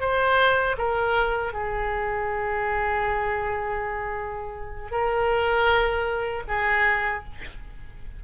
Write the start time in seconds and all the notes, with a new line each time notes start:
0.00 C5
0.78 A#4
1.53 G#4
4.91 A#4
6.48 G#4